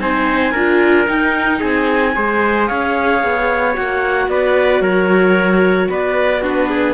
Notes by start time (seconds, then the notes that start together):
0.00 C4 D#4 C5 G#5
0.53 D4 F4 A#4
1.07 D#4 G5
1.60 C4 G#4 G#5
2.15 G#3 G#4 C5
2.68 C#4 C#5 F5
3.24 B3
3.74 A#3 F#4 F#5
4.28 B3 B4 D5
4.81 F#3 A#4 C#5
5.90 B3 B4 D5
6.42 D4 F#4 B4
6.70 G#4